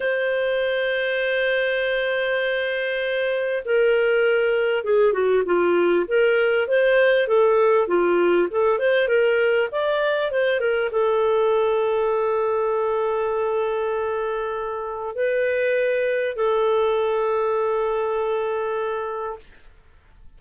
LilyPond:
\new Staff \with { instrumentName = "clarinet" } { \time 4/4 \tempo 4 = 99 c''1~ | c''2 ais'2 | gis'8 fis'8 f'4 ais'4 c''4 | a'4 f'4 a'8 c''8 ais'4 |
d''4 c''8 ais'8 a'2~ | a'1~ | a'4 b'2 a'4~ | a'1 | }